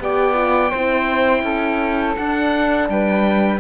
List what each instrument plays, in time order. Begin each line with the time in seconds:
0.00 cello B3, horn G4, flute D5, oboe G5
0.34 horn F4
0.70 cello C4, horn E4, flute C5
1.43 cello C#4, flute A4
2.16 cello D4, horn D4, oboe F#5
2.89 cello G3, flute B4, oboe G5